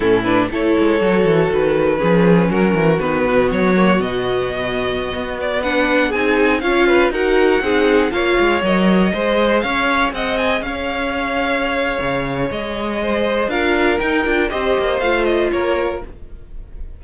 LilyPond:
<<
  \new Staff \with { instrumentName = "violin" } { \time 4/4 \tempo 4 = 120 a'8 b'8 cis''2 b'4~ | b'4 ais'4 b'4 cis''4 | dis''2~ dis''8. d''8 fis''8.~ | fis''16 gis''4 f''4 fis''4.~ fis''16~ |
fis''16 f''4 dis''2 f''8.~ | f''16 fis''8 gis''8 f''2~ f''8.~ | f''4 dis''2 f''4 | g''4 dis''4 f''8 dis''8 cis''4 | }
  \new Staff \with { instrumentName = "violin" } { \time 4/4 e'4 a'2. | gis'4 fis'2.~ | fis'2.~ fis'16 b'8.~ | b'16 gis'4 cis''8 b'8 ais'4 gis'8.~ |
gis'16 cis''2 c''4 cis''8.~ | cis''16 dis''4 cis''2~ cis''8.~ | cis''2 c''4 ais'4~ | ais'4 c''2 ais'4 | }
  \new Staff \with { instrumentName = "viola" } { \time 4/4 cis'8 d'8 e'4 fis'2 | cis'2 b4. ais8 | b2.~ b16 d'8.~ | d'16 dis'4 f'4 fis'4 dis'8.~ |
dis'16 f'4 ais'4 gis'4.~ gis'16~ | gis'1~ | gis'2. f'4 | dis'8 f'8 g'4 f'2 | }
  \new Staff \with { instrumentName = "cello" } { \time 4/4 a,4 a8 gis8 fis8 e8 dis4 | f4 fis8 e8 dis8 b,8 fis4 | b,2~ b,16 b4.~ b16~ | b16 c'4 cis'4 dis'4 c'8.~ |
c'16 ais8 gis8 fis4 gis4 cis'8.~ | cis'16 c'4 cis'2~ cis'8. | cis4 gis2 d'4 | dis'8 d'8 c'8 ais8 a4 ais4 | }
>>